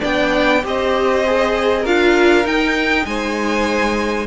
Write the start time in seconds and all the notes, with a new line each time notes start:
0.00 B3 D4 D5 G5
0.64 C4 G4 C5 D#5
1.26 G#4
1.81 D4 F4 A#4 F5
2.44 D#4 G5
3.06 G#3 C5 G#5